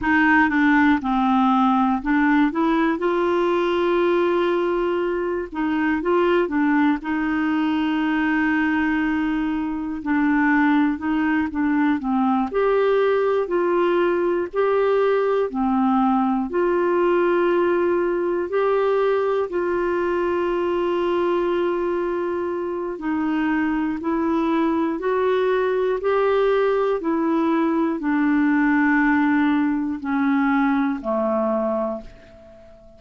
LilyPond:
\new Staff \with { instrumentName = "clarinet" } { \time 4/4 \tempo 4 = 60 dis'8 d'8 c'4 d'8 e'8 f'4~ | f'4. dis'8 f'8 d'8 dis'4~ | dis'2 d'4 dis'8 d'8 | c'8 g'4 f'4 g'4 c'8~ |
c'8 f'2 g'4 f'8~ | f'2. dis'4 | e'4 fis'4 g'4 e'4 | d'2 cis'4 a4 | }